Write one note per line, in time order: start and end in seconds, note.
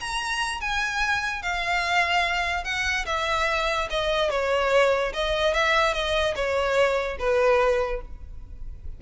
0.00 0.60 A#5
0.60 1.42 G#5
1.42 2.64 F5
2.64 3.05 F#5
3.06 3.88 E5
3.90 4.30 D#5
4.30 5.12 C#5
5.13 5.53 D#5
5.53 5.93 E5
5.93 6.35 D#5
6.35 7.17 C#5
7.19 8.01 B4